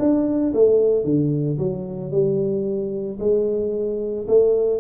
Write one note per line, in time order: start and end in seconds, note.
0.00 0.54 D4
0.54 1.05 A3
1.05 1.58 D3
1.59 2.12 F#3
2.12 3.19 G3
3.20 4.27 G#3
4.28 4.80 A3